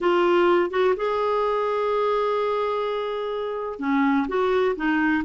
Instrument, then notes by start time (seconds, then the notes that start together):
clarinet
0.00 F4
0.70 F#4
0.96 G#4
3.79 C#4
4.28 F#4
4.76 D#4